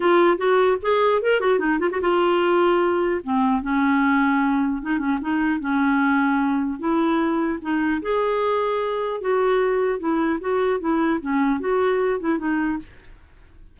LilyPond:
\new Staff \with { instrumentName = "clarinet" } { \time 4/4 \tempo 4 = 150 f'4 fis'4 gis'4 ais'8 fis'8 | dis'8 f'16 fis'16 f'2. | c'4 cis'2. | dis'8 cis'8 dis'4 cis'2~ |
cis'4 e'2 dis'4 | gis'2. fis'4~ | fis'4 e'4 fis'4 e'4 | cis'4 fis'4. e'8 dis'4 | }